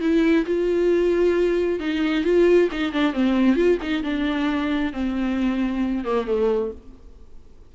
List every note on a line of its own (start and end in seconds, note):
0.00 0.45 E4
0.45 1.79 F4
1.79 2.23 D#4
2.23 2.68 F4
2.71 2.92 D#4
2.92 3.13 D4
3.13 3.55 C4
3.55 3.78 F4
3.82 4.03 D#4
4.03 4.92 D4
4.93 6.04 C4
6.04 6.26 A#3
6.26 6.71 A3